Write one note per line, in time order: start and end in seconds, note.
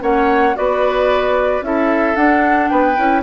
0.00 0.55 A#3
0.00 0.54 C#4
0.00 0.56 C#5
0.00 0.56 F#5
0.55 1.61 B3
0.55 1.62 F#4
0.55 1.65 B4
0.55 1.63 D5
1.61 2.15 C#4
1.61 2.15 E4
1.61 2.70 A4
1.61 2.16 E5
2.15 2.96 D4
2.15 2.70 D4
2.15 2.68 F#5
2.68 2.97 B3
2.68 3.22 B4
2.68 3.22 G5
2.96 3.22 C#4
2.96 3.22 E4